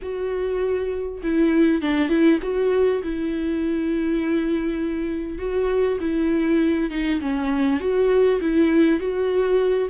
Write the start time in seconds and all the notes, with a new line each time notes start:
0.01 F#4
1.22 E4
1.81 D4
2.08 E4
2.42 F#4
3.03 E4
5.38 F#4
6.00 E4
6.90 D#4
7.20 C#4
7.80 F#4
8.40 E4
8.99 F#4